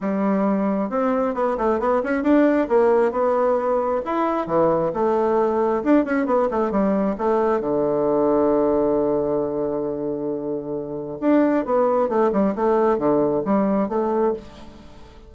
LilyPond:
\new Staff \with { instrumentName = "bassoon" } { \time 4/4 \tempo 4 = 134 g2 c'4 b8 a8 | b8 cis'8 d'4 ais4 b4~ | b4 e'4 e4 a4~ | a4 d'8 cis'8 b8 a8 g4 |
a4 d2.~ | d1~ | d4 d'4 b4 a8 g8 | a4 d4 g4 a4 | }